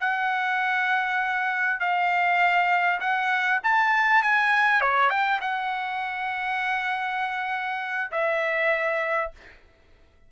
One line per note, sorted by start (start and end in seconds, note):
0.00 1.79 F#5
1.79 2.99 F5
3.00 3.60 F#5
3.63 4.22 A5
4.22 4.81 G#5
4.81 5.09 C#5
5.09 5.39 G5
5.41 8.11 F#5
8.11 9.31 E5